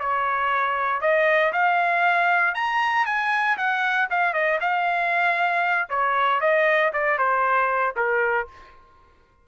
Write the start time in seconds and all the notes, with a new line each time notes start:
0.00 C#5
1.01 D#5
1.53 F5
2.55 A#5
3.06 G#5
3.58 F#5
4.11 F5
4.34 D#5
4.61 F5
5.90 C#5
6.41 D#5
6.93 D5
7.18 C5
7.96 A#4